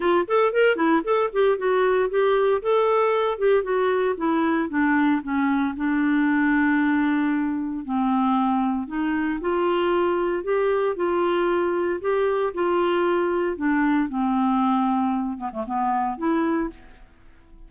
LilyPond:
\new Staff \with { instrumentName = "clarinet" } { \time 4/4 \tempo 4 = 115 f'8 a'8 ais'8 e'8 a'8 g'8 fis'4 | g'4 a'4. g'8 fis'4 | e'4 d'4 cis'4 d'4~ | d'2. c'4~ |
c'4 dis'4 f'2 | g'4 f'2 g'4 | f'2 d'4 c'4~ | c'4. b16 a16 b4 e'4 | }